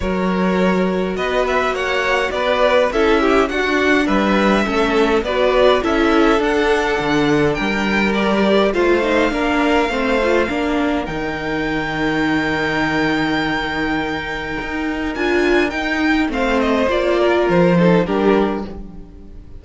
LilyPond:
<<
  \new Staff \with { instrumentName = "violin" } { \time 4/4 \tempo 4 = 103 cis''2 dis''8 e''8 fis''4 | d''4 e''4 fis''4 e''4~ | e''4 d''4 e''4 fis''4~ | fis''4 g''4 d''4 f''4~ |
f''2. g''4~ | g''1~ | g''2 gis''4 g''4 | f''8 dis''8 d''4 c''4 ais'4 | }
  \new Staff \with { instrumentName = "violin" } { \time 4/4 ais'2 b'4 cis''4 | b'4 a'8 g'8 fis'4 b'4 | a'4 b'4 a'2~ | a'4 ais'2 c''4 |
ais'4 c''4 ais'2~ | ais'1~ | ais'1 | c''4. ais'4 a'8 g'4 | }
  \new Staff \with { instrumentName = "viola" } { \time 4/4 fis'1~ | fis'4 e'4 d'2 | cis'4 fis'4 e'4 d'4~ | d'2 g'4 f'8 dis'8 |
d'4 c'8 f'8 d'4 dis'4~ | dis'1~ | dis'2 f'4 dis'4 | c'4 f'4. dis'8 d'4 | }
  \new Staff \with { instrumentName = "cello" } { \time 4/4 fis2 b4 ais4 | b4 cis'4 d'4 g4 | a4 b4 cis'4 d'4 | d4 g2 a4 |
ais4 a4 ais4 dis4~ | dis1~ | dis4 dis'4 d'4 dis'4 | a4 ais4 f4 g4 | }
>>